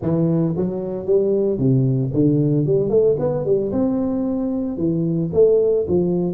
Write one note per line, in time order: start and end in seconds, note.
0.02 0.55 E3
0.56 1.06 F#3
1.06 1.58 G3
1.58 2.11 C3
2.13 2.65 D3
2.65 2.89 G3
2.89 3.16 A3
3.19 3.45 B3
3.45 3.71 G3
3.72 4.77 C4
4.77 5.30 E3
5.33 5.86 A3
5.88 6.33 F3